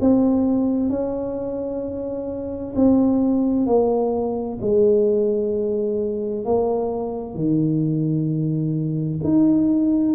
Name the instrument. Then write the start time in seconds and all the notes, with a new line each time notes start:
tuba
0.00 C4
0.89 C#4
2.75 C4
3.66 A#3
4.61 G#3
6.44 A#3
7.34 D#3
9.23 D#4